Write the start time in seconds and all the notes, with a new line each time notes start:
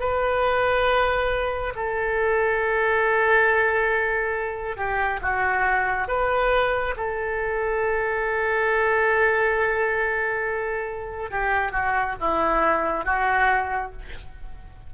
0.00 B4
1.76 A4
4.77 G4
5.22 F#4
6.08 B4
6.97 A4
11.31 G4
11.72 F#4
12.21 E4
13.06 F#4